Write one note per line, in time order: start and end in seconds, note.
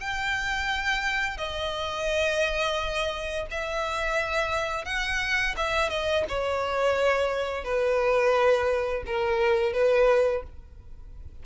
0.00 1.37 G5
1.37 3.47 D#5
3.50 4.85 E5
4.85 5.55 F#5
5.57 5.90 E5
5.90 6.25 D#5
6.29 7.64 C#5
7.64 9.03 B4
9.06 9.73 A#4
9.73 10.43 B4